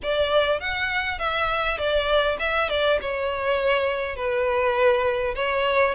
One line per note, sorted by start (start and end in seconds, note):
0.02 0.60 D5
0.60 1.19 F#5
1.19 1.78 E5
1.78 2.37 D5
2.39 2.69 E5
2.69 2.99 D5
3.01 4.16 C#5
4.16 5.34 B4
5.35 5.94 C#5